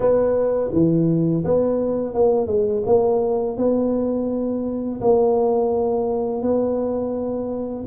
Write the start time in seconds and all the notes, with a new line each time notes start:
0.00 B3
0.72 E3
1.44 B3
2.14 A#3
2.46 G#3
2.85 A#3
3.57 B3
5.00 A#3
6.42 B3